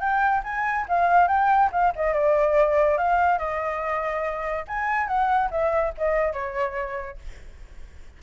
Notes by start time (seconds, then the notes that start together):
0.00 G5
0.43 G#5
0.89 F5
1.28 G5
1.72 F5
1.95 D#5
2.14 D5
2.97 F5
3.38 D#5
4.68 G#5
5.07 F#5
5.51 E5
5.97 D#5
6.33 C#5